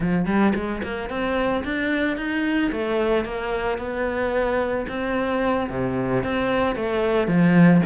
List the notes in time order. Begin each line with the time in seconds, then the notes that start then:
0.00 F3
0.26 G3
0.55 G#3
0.83 A#3
1.09 C4
1.64 D4
2.16 D#4
2.71 A3
3.24 A#3
3.77 B3
4.88 C4
5.69 C3
6.23 C4
6.75 A3
7.27 F3